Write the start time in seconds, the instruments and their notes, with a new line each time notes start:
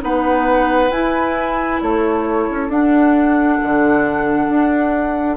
0.00 bassoon B3, clarinet D#4, oboe B4, flute F#5
0.90 bassoon E4, clarinet E4, flute G#5
1.82 bassoon A3, oboe A4, flute C#5
2.50 bassoon C#4
2.69 bassoon D4, clarinet D4, flute F#5
3.63 bassoon D3
4.49 bassoon D4